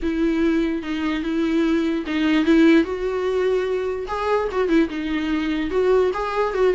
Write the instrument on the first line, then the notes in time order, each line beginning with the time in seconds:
viola
0.02 E4
0.82 D#4
1.23 E4
2.06 D#4
2.45 E4
2.83 F#4
4.07 G#4
4.51 F#4
4.68 E4
4.89 D#4
5.70 F#4
6.13 G#4
6.53 F#4